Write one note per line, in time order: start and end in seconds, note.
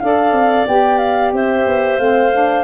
0.00 0.32 D4
0.00 0.67 A4
0.00 1.35 D5
0.00 0.66 F5
0.32 0.65 C4
0.67 1.33 B3
0.67 1.99 G4
0.67 0.98 G5
0.98 1.31 F5
1.33 1.66 C4
1.33 2.64 C5
1.33 1.99 E5
1.66 1.99 B3
1.99 2.64 A3
1.99 2.32 C4
1.99 2.64 F5
2.33 2.64 D4